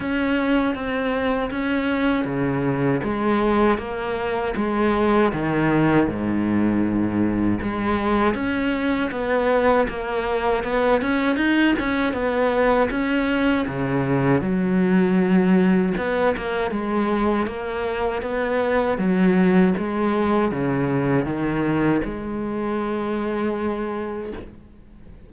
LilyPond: \new Staff \with { instrumentName = "cello" } { \time 4/4 \tempo 4 = 79 cis'4 c'4 cis'4 cis4 | gis4 ais4 gis4 dis4 | gis,2 gis4 cis'4 | b4 ais4 b8 cis'8 dis'8 cis'8 |
b4 cis'4 cis4 fis4~ | fis4 b8 ais8 gis4 ais4 | b4 fis4 gis4 cis4 | dis4 gis2. | }